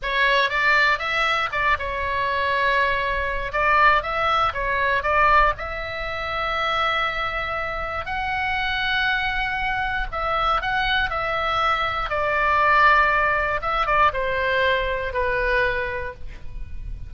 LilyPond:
\new Staff \with { instrumentName = "oboe" } { \time 4/4 \tempo 4 = 119 cis''4 d''4 e''4 d''8 cis''8~ | cis''2. d''4 | e''4 cis''4 d''4 e''4~ | e''1 |
fis''1 | e''4 fis''4 e''2 | d''2. e''8 d''8 | c''2 b'2 | }